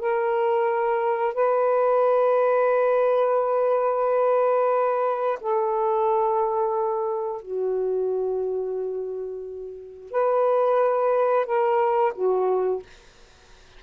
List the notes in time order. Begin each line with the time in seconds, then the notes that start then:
0.00 A#4
1.35 B4
5.41 A4
7.42 F#4
10.12 B4
11.46 A#4
12.16 F#4